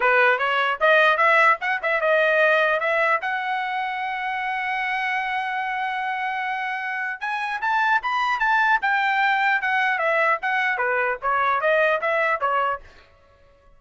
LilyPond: \new Staff \with { instrumentName = "trumpet" } { \time 4/4 \tempo 4 = 150 b'4 cis''4 dis''4 e''4 | fis''8 e''8 dis''2 e''4 | fis''1~ | fis''1~ |
fis''2 gis''4 a''4 | b''4 a''4 g''2 | fis''4 e''4 fis''4 b'4 | cis''4 dis''4 e''4 cis''4 | }